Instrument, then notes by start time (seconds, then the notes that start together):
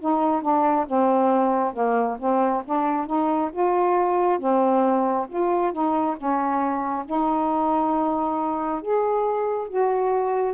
saxophone
0.00 D#4
0.43 D4
0.87 C4
1.74 A#3
2.19 C4
2.66 D4
3.07 D#4
3.53 F4
4.39 C4
5.29 F4
5.73 D#4
6.17 C#4
7.06 D#4
8.82 G#4
9.69 F#4